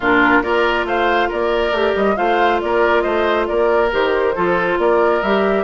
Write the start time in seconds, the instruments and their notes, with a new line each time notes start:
0.00 bassoon A#2, clarinet D4, oboe F4, flute A#4
0.42 bassoon A#3, clarinet F4, oboe A#4, flute D5
0.84 bassoon A3, oboe C5, flute F5
1.28 bassoon A#3, oboe A#4, flute D5
1.71 bassoon A3, clarinet G4
1.95 bassoon G3, flute D#5
2.16 bassoon A3, clarinet F4, oboe C5, flute F5
2.61 bassoon A#3, oboe A#4, flute D5
3.01 bassoon A3, oboe C5, flute D#5
3.46 bassoon A#3, oboe A#4, flute D5
3.91 bassoon D#3, clarinet G4, flute C5
4.35 bassoon F3, clarinet F4, oboe A4
4.78 bassoon A#3, oboe A#4, flute D5
5.22 bassoon G3, clarinet G4, flute E5